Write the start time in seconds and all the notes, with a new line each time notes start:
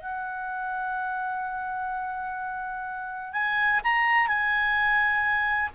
0.00 F#5
3.33 G#5
3.84 A#5
4.27 G#5